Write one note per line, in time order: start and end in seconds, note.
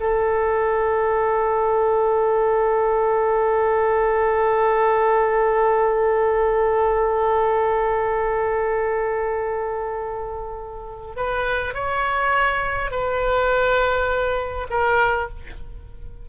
0.00 11.16 A4
11.16 11.74 B4
11.74 12.91 C#5
12.91 14.67 B4
14.70 15.29 A#4